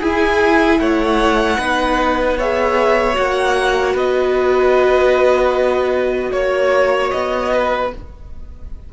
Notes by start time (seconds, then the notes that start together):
0.00 E4 G#4 G#5
0.79 A3 C#5 F#5
1.58 B3 D#4 B4
2.37 G#4 C#5 E5
3.13 A#3 F#4 F#5
3.93 B3 B4 D#5
6.32 A#3 C#5
7.11 B3 D#5
7.53 B4